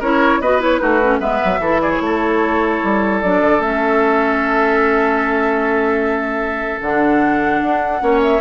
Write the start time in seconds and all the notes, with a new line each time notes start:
0.00 C#4 E4 A#4 C#5
0.40 B3 F#4 B4 D#5
0.60 E4 C#5
0.78 A3 D#4 F#4 B4
1.03 C#4
1.20 G#3 B3 B4 E5
1.45 F#3
1.59 E3 E4 A4
1.81 G#4 D5
1.90 C#5
2.01 A3 A4
2.84 G3
3.21 F#3 D4 D5
3.41 D3
3.59 A3 C#4 E5
6.81 D3 D4 F#5
7.62 D4
8.00 A#3 C#4 C#5
8.22 E5